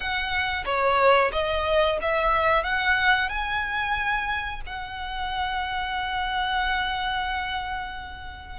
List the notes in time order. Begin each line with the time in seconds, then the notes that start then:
0.00 F#5
0.65 C#5
1.32 D#5
2.01 E5
2.63 F#5
3.29 G#5
4.66 F#5